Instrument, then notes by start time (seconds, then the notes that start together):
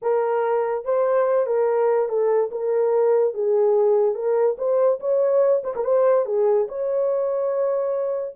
horn
0.02 A#4
0.84 C5
1.46 A#4
2.08 A4
2.51 A#4
3.33 G#4
4.14 A#4
4.58 C5
5.00 C#5
5.63 C5
5.75 A#4
5.84 C5
6.25 G#4
6.68 C#5